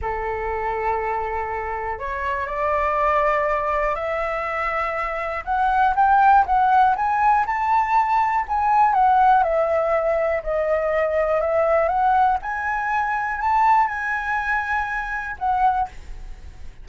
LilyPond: \new Staff \with { instrumentName = "flute" } { \time 4/4 \tempo 4 = 121 a'1 | cis''4 d''2. | e''2. fis''4 | g''4 fis''4 gis''4 a''4~ |
a''4 gis''4 fis''4 e''4~ | e''4 dis''2 e''4 | fis''4 gis''2 a''4 | gis''2. fis''4 | }